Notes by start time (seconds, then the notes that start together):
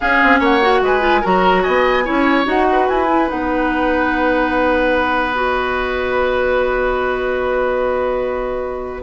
0.00 C#4 G#4 F5
0.23 C4
0.39 A#3 C#5 F#5
0.61 F#4
0.81 G#3 B4 G#5
1.00 F4
1.21 F#3 F#4 A#4 A#5
1.62 B3 D#5 G#5
2.04 C#4 E4 C#5
2.44 D#4 F#4 F#5
2.72 B4
2.88 E4 G#5
3.08 E4
3.28 B3 D#4 F#5
5.34 F#4 D#5